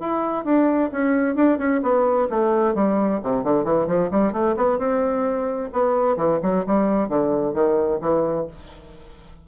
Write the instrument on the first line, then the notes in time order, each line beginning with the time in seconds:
bassoon
0.00 E4
0.45 D4
0.92 C#4
1.36 D4
1.58 C#4
1.83 B3
2.30 A3
2.75 G3
3.23 C3
3.44 D3
3.64 E3
3.87 F3
4.11 G3
4.33 A3
4.57 B3
4.79 C4
5.73 B3
6.17 E3
6.43 F#3
6.67 G3
7.09 D3
7.54 D#3
8.02 E3